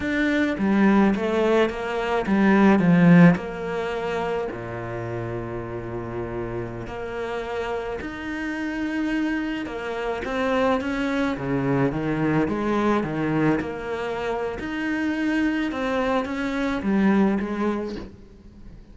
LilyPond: \new Staff \with { instrumentName = "cello" } { \time 4/4 \tempo 4 = 107 d'4 g4 a4 ais4 | g4 f4 ais2 | ais,1~ | ais,16 ais2 dis'4.~ dis'16~ |
dis'4~ dis'16 ais4 c'4 cis'8.~ | cis'16 cis4 dis4 gis4 dis8.~ | dis16 ais4.~ ais16 dis'2 | c'4 cis'4 g4 gis4 | }